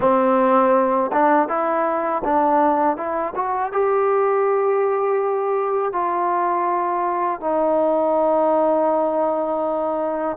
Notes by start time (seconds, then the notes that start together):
0.00 C4
1.12 D4
1.48 E4
2.24 D4
2.96 E4
3.35 F#4
3.72 G4
5.92 F4
7.40 D#4